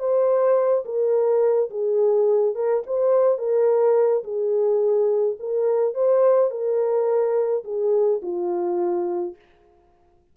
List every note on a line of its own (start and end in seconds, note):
0.00 0.85 C5
0.85 1.70 A#4
1.71 2.55 G#4
2.55 2.84 A#4
2.87 3.39 C5
3.39 4.24 A#4
4.24 5.37 G#4
5.40 5.95 A#4
5.95 6.51 C5
6.51 7.64 A#4
7.65 8.21 G#4
8.23 9.36 F4